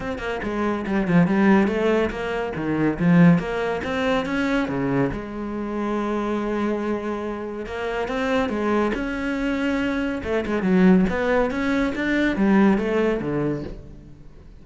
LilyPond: \new Staff \with { instrumentName = "cello" } { \time 4/4 \tempo 4 = 141 c'8 ais8 gis4 g8 f8 g4 | a4 ais4 dis4 f4 | ais4 c'4 cis'4 cis4 | gis1~ |
gis2 ais4 c'4 | gis4 cis'2. | a8 gis8 fis4 b4 cis'4 | d'4 g4 a4 d4 | }